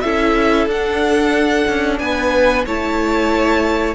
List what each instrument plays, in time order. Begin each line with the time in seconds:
0.00 cello C#4, viola E4, violin A4 E5
0.66 cello D4, viola D4, violin F#5
1.68 cello C#4
1.98 cello B3, violin B4 G#5
2.65 cello A3, viola E4, violin C#5 A5